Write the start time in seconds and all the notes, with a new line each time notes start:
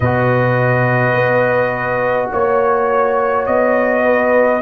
0.00 B2 F#4 B4 D#5
1.14 B3
2.31 A#3 C#5
3.46 B3 D#5
4.03 B4